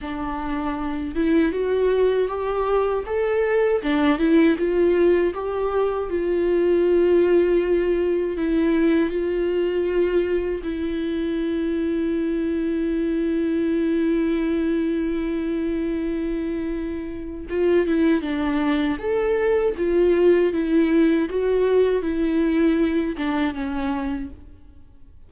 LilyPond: \new Staff \with { instrumentName = "viola" } { \time 4/4 \tempo 4 = 79 d'4. e'8 fis'4 g'4 | a'4 d'8 e'8 f'4 g'4 | f'2. e'4 | f'2 e'2~ |
e'1~ | e'2. f'8 e'8 | d'4 a'4 f'4 e'4 | fis'4 e'4. d'8 cis'4 | }